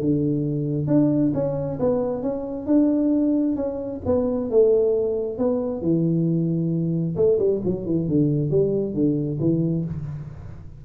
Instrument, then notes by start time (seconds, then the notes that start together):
tuba
0.00 D3
0.87 D4
1.34 C#4
1.80 B3
2.22 C#4
2.66 D4
3.56 C#4
4.05 B3
4.50 A3
5.38 B3
5.81 E3
7.16 A3
7.39 G3
7.64 F#3
7.86 E3
8.08 D3
8.50 G3
8.94 D3
9.40 E3